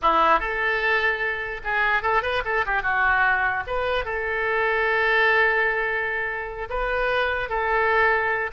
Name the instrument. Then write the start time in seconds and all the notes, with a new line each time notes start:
oboe
0.02 E4
0.39 A4
1.63 G#4
2.02 A4
2.22 B4
2.45 A4
2.65 G4
2.82 F#4
3.66 B4
4.04 A4
6.69 B4
7.49 A4